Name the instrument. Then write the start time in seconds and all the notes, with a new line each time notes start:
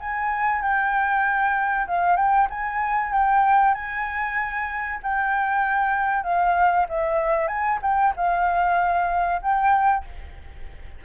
flute
0.00 G#5
0.62 G5
1.87 F5
2.16 G5
2.50 G#5
3.12 G5
3.74 G#5
5.03 G5
6.24 F5
6.89 E5
7.47 G#5
7.82 G5
8.16 F5
9.42 G5